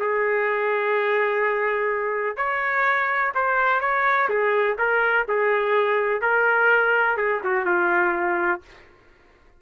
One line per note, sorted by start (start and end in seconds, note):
0.00 2.37 G#4
2.37 3.33 C#5
3.35 3.81 C5
3.81 4.29 C#5
4.29 4.77 G#4
4.78 5.26 A#4
5.28 6.21 G#4
6.21 7.17 A#4
7.17 7.41 G#4
7.44 7.66 F#4
7.66 8.62 F4